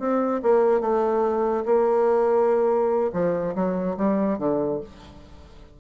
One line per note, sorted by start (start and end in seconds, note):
0.00 0.42 C4
0.43 0.81 A#3
0.81 1.65 A3
1.66 3.12 A#3
3.13 3.55 F3
3.55 3.97 F#3
3.97 4.39 G3
4.39 4.80 D3